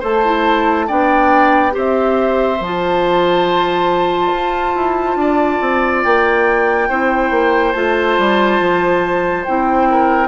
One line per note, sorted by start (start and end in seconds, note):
0.00 0.89 A3
0.00 0.23 A4
0.00 0.86 C5
0.00 0.89 A5
0.25 0.88 E4
0.87 1.76 B3
0.87 1.71 D4
0.87 1.73 D5
0.87 1.74 G5
1.71 2.60 C4
1.71 2.57 G4
1.71 5.17 C5
1.78 2.63 E5
2.60 4.32 F3
2.60 6.90 F4
2.60 6.04 A5
4.32 4.75 F4
4.76 5.16 E4
5.16 5.59 D4
5.16 6.89 D5
5.61 6.04 C4
6.04 6.90 A#3
6.04 7.72 G5
6.89 7.31 C4
6.89 7.75 E4
6.89 9.89 C5
7.31 7.74 A#3
7.72 8.18 A3
7.72 9.46 F4
7.72 9.44 A5
8.18 8.60 G3
8.60 9.46 F3
9.44 10.28 C4
9.44 10.28 E4
9.44 10.28 G5
9.90 10.28 A#4